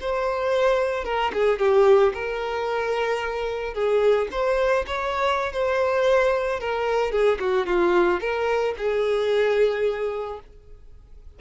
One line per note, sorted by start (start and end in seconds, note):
0.00 1.04 C5
1.04 1.31 A#4
1.33 1.58 G#4
1.58 2.13 G4
2.13 3.73 A#4
3.73 4.28 G#4
4.31 4.85 C5
4.86 5.52 C#5
5.52 6.59 C5
6.59 7.11 A#4
7.11 7.38 G#4
7.39 7.66 F#4
7.66 8.20 F4
8.20 8.74 A#4
8.77 10.39 G#4